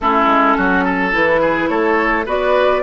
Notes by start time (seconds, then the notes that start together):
0.00 A3 C#4 E4 A4
0.26 G#3
0.57 F#3 F#4
0.84 A4
1.11 E3 E4 B4
1.41 G#4
1.68 A3 A4 C#5
2.25 B3 F#4 B4 D5